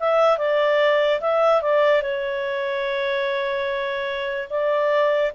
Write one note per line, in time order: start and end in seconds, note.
0.00 0.38 E5
0.38 1.20 D5
1.21 1.62 E5
1.62 2.02 D5
2.02 4.49 C#5
4.50 5.32 D5